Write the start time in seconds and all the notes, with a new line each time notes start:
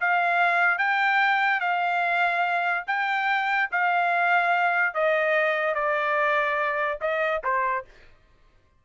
0.00 F5
0.78 G5
1.60 F5
2.87 G5
3.71 F5
4.94 D#5
5.74 D5
7.01 D#5
7.44 C5